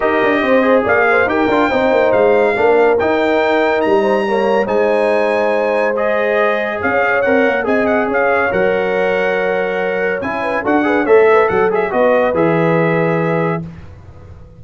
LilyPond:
<<
  \new Staff \with { instrumentName = "trumpet" } { \time 4/4 \tempo 4 = 141 dis''2 f''4 g''4~ | g''4 f''2 g''4~ | g''4 ais''2 gis''4~ | gis''2 dis''2 |
f''4 fis''4 gis''8 fis''8 f''4 | fis''1 | gis''4 fis''4 e''4 fis''8 e''8 | dis''4 e''2. | }
  \new Staff \with { instrumentName = "horn" } { \time 4/4 ais'4 c''4 d''8 c''8 ais'4 | c''2 ais'2~ | ais'4. c''8 cis''4 c''4~ | c''1 |
cis''2 dis''4 cis''4~ | cis''1~ | cis''8 b'8 a'8 b'8 cis''8 b'8 a'4 | b'1 | }
  \new Staff \with { instrumentName = "trombone" } { \time 4/4 g'4. gis'4. g'8 f'8 | dis'2 d'4 dis'4~ | dis'2 ais4 dis'4~ | dis'2 gis'2~ |
gis'4 ais'4 gis'2 | ais'1 | e'4 fis'8 gis'8 a'4. gis'8 | fis'4 gis'2. | }
  \new Staff \with { instrumentName = "tuba" } { \time 4/4 dis'8 d'8 c'4 ais4 dis'8 d'8 | c'8 ais8 gis4 ais4 dis'4~ | dis'4 g2 gis4~ | gis1 |
cis'4 c'8 ais8 c'4 cis'4 | fis1 | cis'4 d'4 a4 fis4 | b4 e2. | }
>>